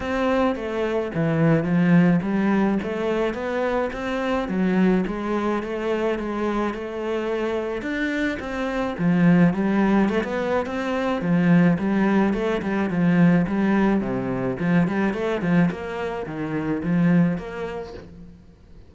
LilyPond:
\new Staff \with { instrumentName = "cello" } { \time 4/4 \tempo 4 = 107 c'4 a4 e4 f4 | g4 a4 b4 c'4 | fis4 gis4 a4 gis4 | a2 d'4 c'4 |
f4 g4 a16 b8. c'4 | f4 g4 a8 g8 f4 | g4 c4 f8 g8 a8 f8 | ais4 dis4 f4 ais4 | }